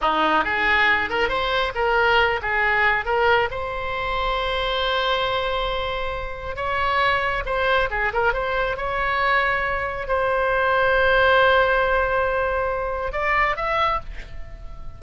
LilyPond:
\new Staff \with { instrumentName = "oboe" } { \time 4/4 \tempo 4 = 137 dis'4 gis'4. ais'8 c''4 | ais'4. gis'4. ais'4 | c''1~ | c''2. cis''4~ |
cis''4 c''4 gis'8 ais'8 c''4 | cis''2. c''4~ | c''1~ | c''2 d''4 e''4 | }